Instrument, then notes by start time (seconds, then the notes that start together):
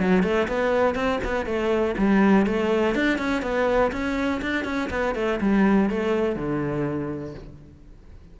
cello
0.00 F#3
0.23 A3
0.48 B3
0.95 C4
1.25 B3
1.46 A3
1.98 G3
2.47 A3
2.96 D4
3.19 C#4
3.43 B3
3.93 C#4
4.42 D4
4.65 C#4
4.91 B3
5.16 A3
5.41 G3
5.90 A3
6.36 D3